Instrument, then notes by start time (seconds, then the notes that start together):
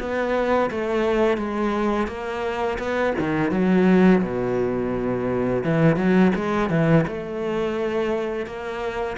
cello
0.00 B3
0.71 A3
1.38 G#3
2.08 A#3
2.79 B3
3.20 D#3
3.51 F#3
4.23 B2
5.64 E3
5.97 F#3
6.36 G#3
6.70 E3
7.08 A3
8.46 A#3